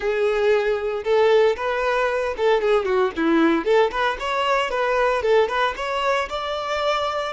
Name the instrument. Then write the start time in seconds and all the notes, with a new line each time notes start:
violin
0.00 G#4
1.04 A4
1.56 B4
2.37 A4
2.61 G#4
2.85 F#4
3.16 E4
3.64 A4
3.91 B4
4.19 C#5
4.70 B4
5.22 A4
5.48 B4
5.76 C#5
6.29 D5